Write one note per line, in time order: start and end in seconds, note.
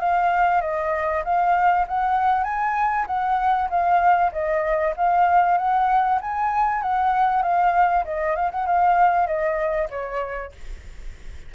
0.00 0.62 F5
0.62 1.23 D#5
1.25 1.86 F5
1.88 2.44 F#5
2.44 3.06 G#5
3.07 3.69 F#5
3.70 4.32 F5
4.32 4.94 D#5
4.97 5.58 F5
5.58 6.20 F#5
6.22 6.82 G#5
6.82 7.43 F#5
7.43 8.05 F5
8.05 8.36 D#5
8.36 8.51 F5
8.52 8.67 F#5
8.67 9.27 F5
9.27 9.89 D#5
9.90 10.52 C#5